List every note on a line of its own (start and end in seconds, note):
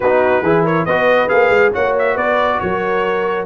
0.00 0.42 B3
0.00 0.44 D#4
0.00 0.42 F#4
0.00 0.65 B4
0.42 0.85 E3
0.42 0.87 E4
0.42 0.63 G#4
0.63 0.85 A#4
0.63 0.85 C#5
0.85 1.29 B3
0.85 1.28 F#4
0.85 1.73 B4
0.85 1.28 D#5
1.28 1.49 A#3
1.28 1.71 G#4
1.28 1.72 F5
1.49 1.71 G#3
1.73 2.16 A#3
1.73 3.45 F#4
1.73 2.13 C#5
1.73 1.95 F#5
1.98 2.17 E5
2.13 2.59 B3
2.13 2.57 B4
2.13 2.60 D5
2.60 3.45 F#3
2.60 3.45 A#4
2.60 3.45 C#5